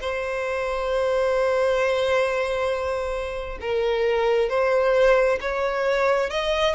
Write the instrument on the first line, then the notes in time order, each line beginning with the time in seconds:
violin
0.00 C5
3.61 A#4
4.49 C5
5.41 C#5
6.30 D#5